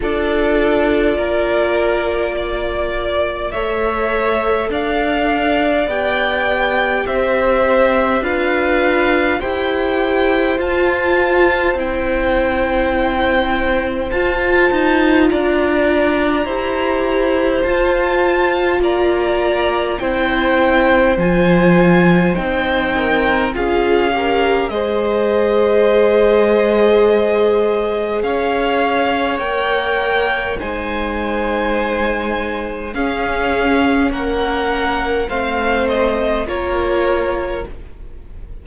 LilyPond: <<
  \new Staff \with { instrumentName = "violin" } { \time 4/4 \tempo 4 = 51 d''2. e''4 | f''4 g''4 e''4 f''4 | g''4 a''4 g''2 | a''4 ais''2 a''4 |
ais''4 g''4 gis''4 g''4 | f''4 dis''2. | f''4 g''4 gis''2 | f''4 fis''4 f''8 dis''8 cis''4 | }
  \new Staff \with { instrumentName = "violin" } { \time 4/4 a'4 ais'4 d''4 cis''4 | d''2 c''4 b'4 | c''1~ | c''4 d''4 c''2 |
d''4 c''2~ c''8 ais'8 | gis'8 ais'8 c''2. | cis''2 c''2 | gis'4 ais'4 c''4 ais'4 | }
  \new Staff \with { instrumentName = "viola" } { \time 4/4 f'2. a'4~ | a'4 g'2 f'4 | g'4 f'4 e'2 | f'2 g'4 f'4~ |
f'4 e'4 f'4 dis'4 | f'8 g'8 gis'2.~ | gis'4 ais'4 dis'2 | cis'2 c'4 f'4 | }
  \new Staff \with { instrumentName = "cello" } { \time 4/4 d'4 ais2 a4 | d'4 b4 c'4 d'4 | e'4 f'4 c'2 | f'8 dis'8 d'4 e'4 f'4 |
ais4 c'4 f4 c'4 | cis'4 gis2. | cis'4 ais4 gis2 | cis'4 ais4 a4 ais4 | }
>>